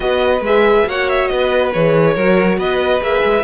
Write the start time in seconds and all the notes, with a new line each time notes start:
0.00 B3 F#4 B4 D#5
0.40 G#3 G#4 E5
0.86 A#3 F#4 C#5 F#5
1.09 E5
1.27 B3 B4 D#5
1.73 E3 G#4 C#5
2.14 F#3 F#4 A#4
2.57 B3 B4 D#5
3.01 A#3 G#4 E5
3.23 G#3